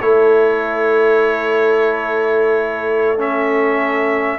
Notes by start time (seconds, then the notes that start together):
0.00 A3 E4 A4 C#5
3.18 C#4 E5